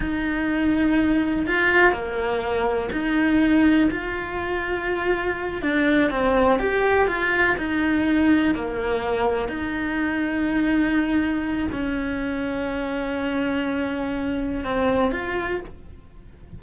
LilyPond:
\new Staff \with { instrumentName = "cello" } { \time 4/4 \tempo 4 = 123 dis'2. f'4 | ais2 dis'2 | f'2.~ f'8 d'8~ | d'8 c'4 g'4 f'4 dis'8~ |
dis'4. ais2 dis'8~ | dis'1 | cis'1~ | cis'2 c'4 f'4 | }